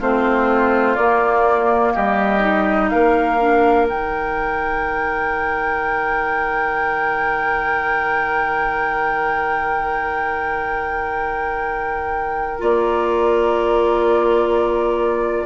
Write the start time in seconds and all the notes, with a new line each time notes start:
0.00 A3 C4 F4 C5
0.96 A#3 D5
1.94 G3 G4 D#5
2.40 D#4
2.90 A#3 A#4 F5
3.41 D4
3.89 D#3 D#4 G5
12.59 A#3 F4 D5